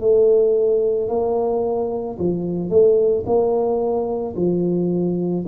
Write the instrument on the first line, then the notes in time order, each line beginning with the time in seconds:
tuba
0.00 A3
1.09 A#3
2.19 F3
2.69 A3
3.26 A#3
4.36 F3